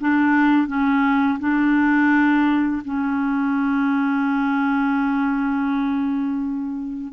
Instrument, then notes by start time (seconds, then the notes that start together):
clarinet
0.00 D4
0.67 C#4
1.39 D4
2.84 C#4